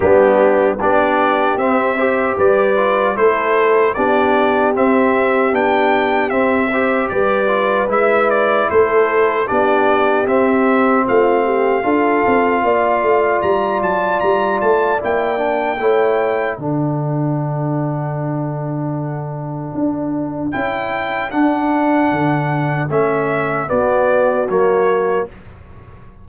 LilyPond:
<<
  \new Staff \with { instrumentName = "trumpet" } { \time 4/4 \tempo 4 = 76 g'4 d''4 e''4 d''4 | c''4 d''4 e''4 g''4 | e''4 d''4 e''8 d''8 c''4 | d''4 e''4 f''2~ |
f''4 ais''8 a''8 ais''8 a''8 g''4~ | g''4 fis''2.~ | fis''2 g''4 fis''4~ | fis''4 e''4 d''4 cis''4 | }
  \new Staff \with { instrumentName = "horn" } { \time 4/4 d'4 g'4. c''8 b'4 | a'4 g'2.~ | g'8 c''8 b'2 a'4 | g'2 f'8 g'8 a'4 |
d''1 | cis''4 a'2.~ | a'1~ | a'2 fis'2 | }
  \new Staff \with { instrumentName = "trombone" } { \time 4/4 b4 d'4 c'8 g'4 f'8 | e'4 d'4 c'4 d'4 | c'8 g'4 f'8 e'2 | d'4 c'2 f'4~ |
f'2. e'8 d'8 | e'4 d'2.~ | d'2 e'4 d'4~ | d'4 cis'4 b4 ais4 | }
  \new Staff \with { instrumentName = "tuba" } { \time 4/4 g4 b4 c'4 g4 | a4 b4 c'4 b4 | c'4 g4 gis4 a4 | b4 c'4 a4 d'8 c'8 |
ais8 a8 g8 fis8 g8 a8 ais4 | a4 d2.~ | d4 d'4 cis'4 d'4 | d4 a4 b4 fis4 | }
>>